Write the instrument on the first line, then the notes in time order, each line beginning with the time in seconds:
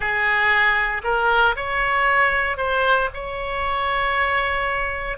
oboe
0.00 G#4
1.03 A#4
1.56 C#5
2.57 C5
3.13 C#5